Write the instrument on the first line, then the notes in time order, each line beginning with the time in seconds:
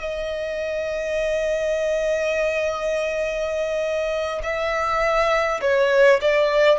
violin
0.00 D#5
4.42 E5
5.61 C#5
6.21 D5